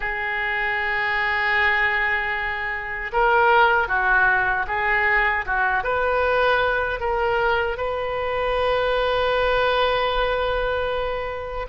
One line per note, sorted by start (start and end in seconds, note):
0.00 3.11 G#4
3.12 3.87 A#4
3.87 4.65 F#4
4.67 5.45 G#4
5.45 5.83 F#4
5.83 7.00 B4
7.00 7.77 A#4
7.77 11.67 B4